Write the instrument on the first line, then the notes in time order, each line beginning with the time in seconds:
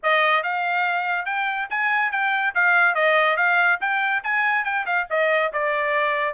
trumpet
0.02 D#5
0.43 F5
1.25 G5
1.69 G#5
2.11 G5
2.54 F5
2.94 D#5
3.36 F5
3.80 G5
4.23 G#5
4.64 G5
4.86 F5
5.10 D#5
5.52 D5